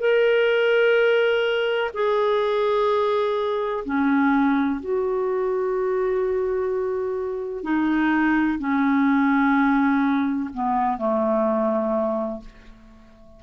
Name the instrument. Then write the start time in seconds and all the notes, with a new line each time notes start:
clarinet
0.00 A#4
1.94 G#4
3.85 C#4
4.81 F#4
7.64 D#4
8.59 C#4
10.54 B3
10.98 A3